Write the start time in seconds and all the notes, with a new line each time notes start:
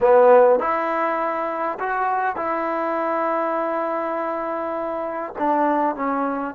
0.00 B3
0.59 E4
1.79 F#4
2.36 E4
5.38 D4
5.95 C#4